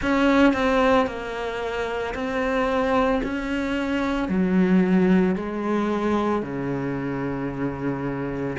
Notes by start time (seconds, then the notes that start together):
0.02 C#4
0.53 C4
1.07 A#3
2.14 C4
3.23 C#4
4.28 F#3
5.35 G#3
6.42 C#3